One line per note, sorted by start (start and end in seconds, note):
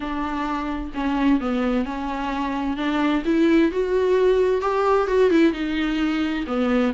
0.00 0.92 D4
0.94 1.40 C#4
1.40 1.85 B3
1.85 2.77 C#4
2.77 3.23 D4
3.25 3.71 E4
3.71 4.61 F#4
4.61 5.07 G4
5.07 5.30 F#4
5.30 5.52 E4
5.52 6.44 D#4
6.46 6.92 B3